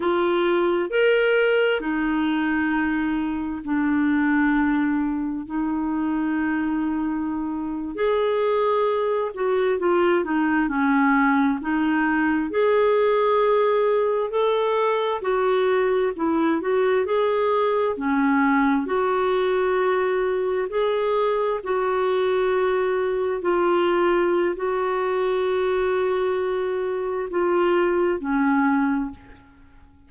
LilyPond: \new Staff \with { instrumentName = "clarinet" } { \time 4/4 \tempo 4 = 66 f'4 ais'4 dis'2 | d'2 dis'2~ | dis'8. gis'4. fis'8 f'8 dis'8 cis'16~ | cis'8. dis'4 gis'2 a'16~ |
a'8. fis'4 e'8 fis'8 gis'4 cis'16~ | cis'8. fis'2 gis'4 fis'16~ | fis'4.~ fis'16 f'4~ f'16 fis'4~ | fis'2 f'4 cis'4 | }